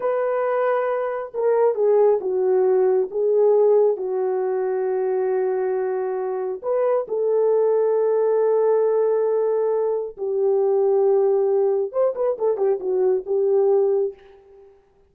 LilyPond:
\new Staff \with { instrumentName = "horn" } { \time 4/4 \tempo 4 = 136 b'2. ais'4 | gis'4 fis'2 gis'4~ | gis'4 fis'2.~ | fis'2. b'4 |
a'1~ | a'2. g'4~ | g'2. c''8 b'8 | a'8 g'8 fis'4 g'2 | }